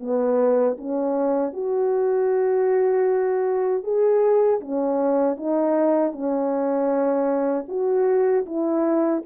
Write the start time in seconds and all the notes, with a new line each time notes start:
0.00 B3
0.78 C#4
1.53 F#4
3.83 G#4
4.60 C#4
5.37 D#4
6.12 C#4
7.68 F#4
8.45 E4